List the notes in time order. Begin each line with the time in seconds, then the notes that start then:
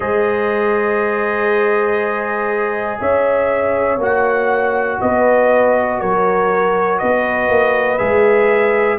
0.00 G#3 G#4 C5 D#5
3.00 C#4 C#5 E5
3.98 A#3 F#4 F#5
5.00 B3 B4 D#5
5.99 F#3 A#4 C#5
6.99 B3 B4 D#5
7.49 A#3
7.98 G#3 G#4 E5